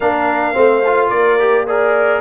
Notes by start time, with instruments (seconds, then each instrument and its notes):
0.00 tuba A#3, trombone D4, horn A#4, trumpet F5
0.53 tuba A3, trombone C4, horn C5
0.86 trombone F4
1.09 tuba A#3, horn A#4, trumpet D5
1.39 trombone G4
1.67 trombone G#4, trumpet A#4, horn D5